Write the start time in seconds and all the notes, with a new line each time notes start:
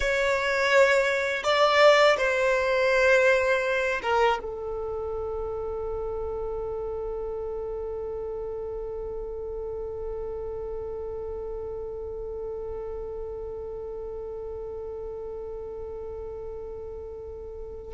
0.00 C#5
1.43 D5
2.18 C5
4.02 A#4
4.41 A4